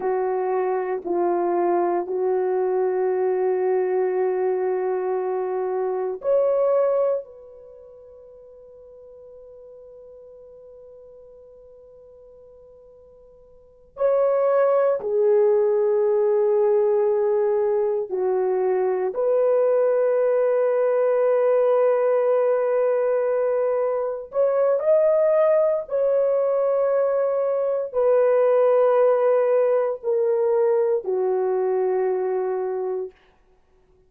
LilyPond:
\new Staff \with { instrumentName = "horn" } { \time 4/4 \tempo 4 = 58 fis'4 f'4 fis'2~ | fis'2 cis''4 b'4~ | b'1~ | b'4. cis''4 gis'4.~ |
gis'4. fis'4 b'4.~ | b'2.~ b'8 cis''8 | dis''4 cis''2 b'4~ | b'4 ais'4 fis'2 | }